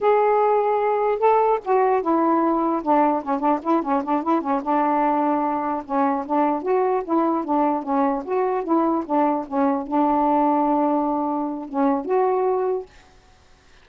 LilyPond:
\new Staff \with { instrumentName = "saxophone" } { \time 4/4 \tempo 4 = 149 gis'2. a'4 | fis'4 e'2 d'4 | cis'8 d'8 e'8 cis'8 d'8 e'8 cis'8 d'8~ | d'2~ d'8 cis'4 d'8~ |
d'8 fis'4 e'4 d'4 cis'8~ | cis'8 fis'4 e'4 d'4 cis'8~ | cis'8 d'2.~ d'8~ | d'4 cis'4 fis'2 | }